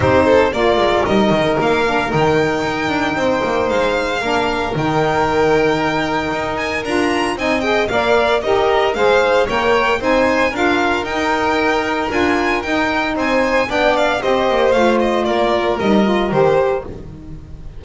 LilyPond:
<<
  \new Staff \with { instrumentName = "violin" } { \time 4/4 \tempo 4 = 114 c''4 d''4 dis''4 f''4 | g''2. f''4~ | f''4 g''2.~ | g''8 gis''8 ais''4 gis''8 g''8 f''4 |
dis''4 f''4 g''4 gis''4 | f''4 g''2 gis''4 | g''4 gis''4 g''8 f''8 dis''4 | f''8 dis''8 d''4 dis''4 c''4 | }
  \new Staff \with { instrumentName = "violin" } { \time 4/4 g'8 a'8 ais'2.~ | ais'2 c''2 | ais'1~ | ais'2 dis''4 d''4 |
ais'4 c''4 cis''4 c''4 | ais'1~ | ais'4 c''4 d''4 c''4~ | c''4 ais'2. | }
  \new Staff \with { instrumentName = "saxophone" } { \time 4/4 dis'4 f'4 dis'4. d'8 | dis'1 | d'4 dis'2.~ | dis'4 f'4 dis'8 gis'8 ais'4 |
g'4 gis'4 ais'4 dis'4 | f'4 dis'2 f'4 | dis'2 d'4 g'4 | f'2 dis'8 f'8 g'4 | }
  \new Staff \with { instrumentName = "double bass" } { \time 4/4 c'4 ais8 gis8 g8 dis8 ais4 | dis4 dis'8 d'8 c'8 ais8 gis4 | ais4 dis2. | dis'4 d'4 c'4 ais4 |
dis'4 gis4 ais4 c'4 | d'4 dis'2 d'4 | dis'4 c'4 b4 c'8 ais8 | a4 ais4 g4 dis4 | }
>>